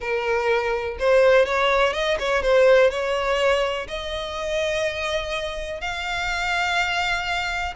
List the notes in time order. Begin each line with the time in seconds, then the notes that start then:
0.00 A#4
0.99 C5
1.45 C#5
1.93 D#5
2.19 C#5
2.42 C5
2.90 C#5
3.87 D#5
5.80 F5